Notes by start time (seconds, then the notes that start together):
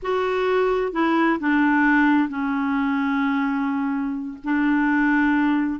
0.02 F#4
0.92 E4
1.39 D4
2.29 C#4
4.44 D4